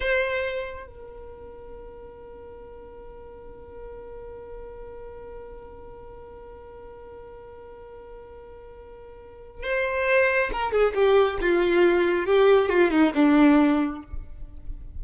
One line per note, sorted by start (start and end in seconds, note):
0.00 0.87 C5
0.87 9.62 A#4
9.62 10.50 C5
10.52 10.71 A#4
10.71 10.93 G#4
10.94 11.38 G4
11.40 12.25 F4
12.25 12.69 G4
12.69 12.90 F4
12.90 13.12 D#4
13.14 14.02 D4